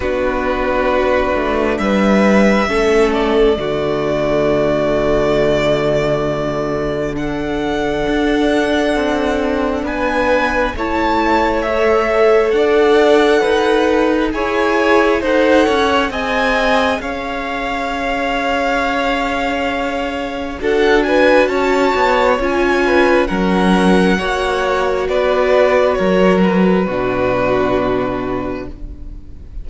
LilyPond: <<
  \new Staff \with { instrumentName = "violin" } { \time 4/4 \tempo 4 = 67 b'2 e''4. d''8~ | d''1 | fis''2. gis''4 | a''4 e''4 fis''2 |
gis''4 fis''4 gis''4 f''4~ | f''2. fis''8 gis''8 | a''4 gis''4 fis''2 | d''4 cis''8 b'2~ b'8 | }
  \new Staff \with { instrumentName = "violin" } { \time 4/4 fis'2 b'4 a'4 | fis'1 | a'2. b'4 | cis''2 d''4 b'4 |
cis''4 c''8 cis''8 dis''4 cis''4~ | cis''2. a'8 b'8 | cis''4. b'8 ais'4 cis''4 | b'4 ais'4 fis'2 | }
  \new Staff \with { instrumentName = "viola" } { \time 4/4 d'2. cis'4 | a1 | d'1 | e'4 a'2. |
gis'4 a'4 gis'2~ | gis'2. fis'4~ | fis'4 f'4 cis'4 fis'4~ | fis'2 d'2 | }
  \new Staff \with { instrumentName = "cello" } { \time 4/4 b4. a8 g4 a4 | d1~ | d4 d'4 c'4 b4 | a2 d'4 dis'4 |
e'4 dis'8 cis'8 c'4 cis'4~ | cis'2. d'4 | cis'8 b8 cis'4 fis4 ais4 | b4 fis4 b,2 | }
>>